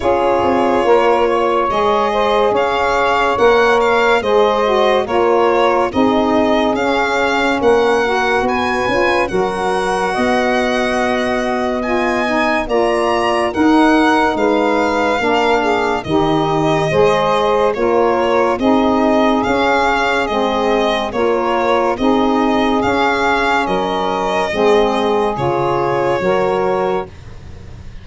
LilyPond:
<<
  \new Staff \with { instrumentName = "violin" } { \time 4/4 \tempo 4 = 71 cis''2 dis''4 f''4 | fis''8 f''8 dis''4 cis''4 dis''4 | f''4 fis''4 gis''4 fis''4~ | fis''2 gis''4 ais''4 |
fis''4 f''2 dis''4~ | dis''4 cis''4 dis''4 f''4 | dis''4 cis''4 dis''4 f''4 | dis''2 cis''2 | }
  \new Staff \with { instrumentName = "saxophone" } { \time 4/4 gis'4 ais'8 cis''4 c''8 cis''4~ | cis''4 c''4 ais'4 gis'4~ | gis'4 ais'4 b'4 ais'4 | dis''2. d''4 |
ais'4 b'4 ais'8 gis'8 g'4 | c''4 ais'4 gis'2~ | gis'4 ais'4 gis'2 | ais'4 gis'2 ais'4 | }
  \new Staff \with { instrumentName = "saxophone" } { \time 4/4 f'2 gis'2 | ais'4 gis'8 fis'8 f'4 dis'4 | cis'4. fis'4 f'8 fis'4~ | fis'2 f'8 dis'8 f'4 |
dis'2 d'4 dis'4 | gis'4 f'4 dis'4 cis'4 | c'4 f'4 dis'4 cis'4~ | cis'4 c'4 f'4 fis'4 | }
  \new Staff \with { instrumentName = "tuba" } { \time 4/4 cis'8 c'8 ais4 gis4 cis'4 | ais4 gis4 ais4 c'4 | cis'4 ais4 b8 cis'8 fis4 | b2. ais4 |
dis'4 gis4 ais4 dis4 | gis4 ais4 c'4 cis'4 | gis4 ais4 c'4 cis'4 | fis4 gis4 cis4 fis4 | }
>>